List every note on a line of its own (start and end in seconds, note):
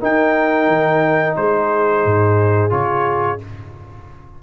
0.00 2.70 D#4
0.00 0.68 D#4
0.00 1.36 A#4
0.00 1.36 G5
0.68 1.36 D#3
1.36 2.05 G#3
1.36 3.43 G#4
1.36 2.72 C5
2.05 2.72 G#2
2.70 3.40 C#3
2.70 3.38 F4
2.70 3.40 C#5